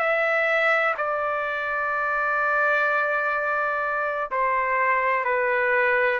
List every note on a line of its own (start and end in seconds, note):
0.00 0.95 E5
0.98 4.31 D5
4.31 5.25 C5
5.25 6.20 B4